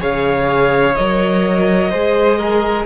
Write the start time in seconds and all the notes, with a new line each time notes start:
0.00 C#3 G#4 C#5 F5
0.95 F#3 A#4 D#5
1.91 G#3 G#4 C5
2.38 A#4